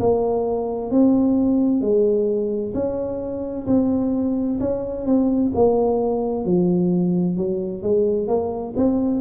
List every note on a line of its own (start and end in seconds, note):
0.00 0.91 A#3
0.91 1.82 C4
1.82 2.74 G#3
2.75 3.67 C#4
3.68 4.60 C4
4.60 5.06 C#4
5.06 5.53 C4
5.55 6.45 A#3
6.45 7.37 F3
7.37 7.83 F#3
7.83 8.28 G#3
8.28 8.74 A#3
8.77 9.21 C4